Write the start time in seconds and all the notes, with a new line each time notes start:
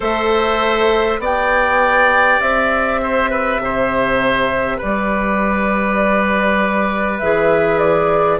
0.00 A3 A4 C5 E5
1.19 B3 G4 D5 G5
2.41 C4 E5
3.02 C5
3.30 B4
3.58 C3 C5
4.77 B4 D5
4.83 G3
7.19 E3 G#4 E5
7.78 D5